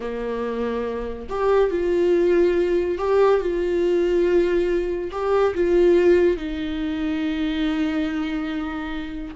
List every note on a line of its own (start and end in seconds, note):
0.00 1.27 A#3
1.29 1.70 G4
1.70 2.97 F4
2.98 3.40 G4
3.40 5.11 F4
5.11 5.54 G4
5.54 6.36 F4
6.36 9.34 D#4